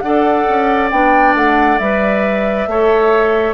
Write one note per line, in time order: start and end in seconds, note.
0.00 0.47 D4
0.00 0.92 A4
0.00 2.69 D5
0.00 0.88 F#5
0.48 0.91 C#4
0.90 1.34 B3
0.90 1.80 D4
0.90 1.34 G5
1.34 1.78 A3
1.34 1.78 F#5
1.78 2.67 G3
1.78 2.69 B4
1.78 3.54 E5
2.67 3.54 A3
2.67 3.54 A4
2.67 3.54 C#5